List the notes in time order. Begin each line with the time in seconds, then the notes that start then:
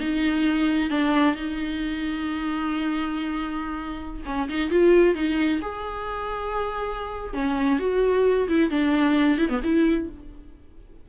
0.00 D#4
0.90 D4
1.35 D#4
4.25 C#4
4.49 D#4
4.70 F4
5.14 D#4
5.61 G#4
7.33 C#4
7.79 F#4
8.48 E4
8.70 D4
9.38 E4
9.49 B3
9.63 E4